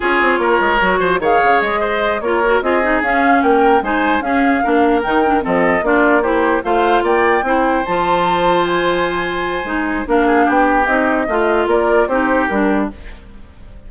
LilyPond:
<<
  \new Staff \with { instrumentName = "flute" } { \time 4/4 \tempo 4 = 149 cis''2. f''4 | dis''4. cis''4 dis''4 f''8~ | f''8 g''4 gis''4 f''4.~ | f''8 g''4 dis''4 d''4 c''8~ |
c''8 f''4 g''2 a''8~ | a''4. gis''2~ gis''8~ | gis''4 f''4 g''4 dis''4~ | dis''4 d''4 c''4 ais'4 | }
  \new Staff \with { instrumentName = "oboe" } { \time 4/4 gis'4 ais'4. c''8 cis''4~ | cis''8 c''4 ais'4 gis'4.~ | gis'8 ais'4 c''4 gis'4 ais'8~ | ais'4. a'4 f'4 g'8~ |
g'8 c''4 d''4 c''4.~ | c''1~ | c''4 ais'8 gis'8 g'2 | f'4 ais'4 g'2 | }
  \new Staff \with { instrumentName = "clarinet" } { \time 4/4 f'2 fis'4 gis'4~ | gis'4. f'8 fis'8 f'8 dis'8 cis'8~ | cis'4. dis'4 cis'4 d'8~ | d'8 dis'8 d'8 c'4 d'4 e'8~ |
e'8 f'2 e'4 f'8~ | f'1 | dis'4 d'2 dis'4 | f'2 dis'4 d'4 | }
  \new Staff \with { instrumentName = "bassoon" } { \time 4/4 cis'8 c'8 ais8 gis8 fis8 f8 dis8 cis8 | gis4. ais4 c'4 cis'8~ | cis'8 ais4 gis4 cis'4 ais8~ | ais8 dis4 f4 ais4.~ |
ais8 a4 ais4 c'4 f8~ | f1 | gis4 ais4 b4 c'4 | a4 ais4 c'4 g4 | }
>>